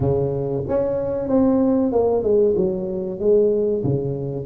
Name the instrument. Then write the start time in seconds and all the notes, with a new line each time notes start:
tuba
0.00 C#3
0.68 C#4
1.28 C4
1.91 A#3
2.23 G#3
2.56 F#3
3.19 G#3
3.83 C#3